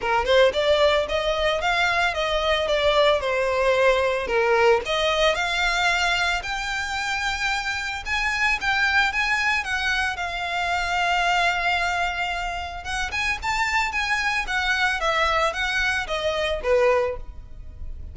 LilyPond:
\new Staff \with { instrumentName = "violin" } { \time 4/4 \tempo 4 = 112 ais'8 c''8 d''4 dis''4 f''4 | dis''4 d''4 c''2 | ais'4 dis''4 f''2 | g''2. gis''4 |
g''4 gis''4 fis''4 f''4~ | f''1 | fis''8 gis''8 a''4 gis''4 fis''4 | e''4 fis''4 dis''4 b'4 | }